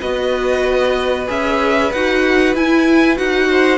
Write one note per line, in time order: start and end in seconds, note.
0.00 1.27 B3
0.00 1.27 F#4
0.00 3.47 B4
0.00 1.27 D#5
1.27 1.92 C#4
1.27 1.90 G#4
1.27 1.92 E5
1.92 2.54 D#4
1.92 2.55 F#4
1.92 2.55 F#5
2.54 3.17 E4
2.54 3.16 E4
2.54 3.17 G#5
3.16 3.78 D#4
3.16 3.78 F#4
3.16 3.78 F#5
3.49 3.78 C5